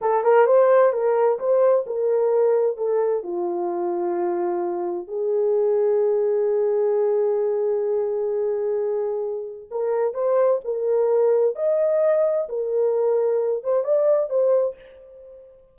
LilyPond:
\new Staff \with { instrumentName = "horn" } { \time 4/4 \tempo 4 = 130 a'8 ais'8 c''4 ais'4 c''4 | ais'2 a'4 f'4~ | f'2. gis'4~ | gis'1~ |
gis'1~ | gis'4 ais'4 c''4 ais'4~ | ais'4 dis''2 ais'4~ | ais'4. c''8 d''4 c''4 | }